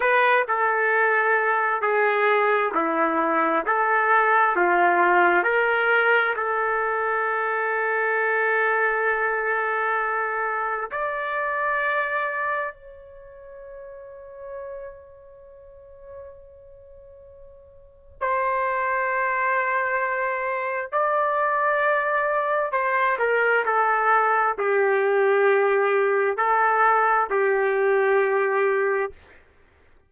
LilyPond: \new Staff \with { instrumentName = "trumpet" } { \time 4/4 \tempo 4 = 66 b'8 a'4. gis'4 e'4 | a'4 f'4 ais'4 a'4~ | a'1 | d''2 cis''2~ |
cis''1 | c''2. d''4~ | d''4 c''8 ais'8 a'4 g'4~ | g'4 a'4 g'2 | }